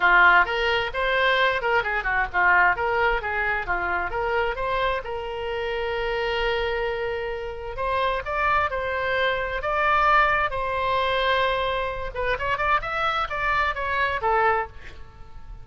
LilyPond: \new Staff \with { instrumentName = "oboe" } { \time 4/4 \tempo 4 = 131 f'4 ais'4 c''4. ais'8 | gis'8 fis'8 f'4 ais'4 gis'4 | f'4 ais'4 c''4 ais'4~ | ais'1~ |
ais'4 c''4 d''4 c''4~ | c''4 d''2 c''4~ | c''2~ c''8 b'8 cis''8 d''8 | e''4 d''4 cis''4 a'4 | }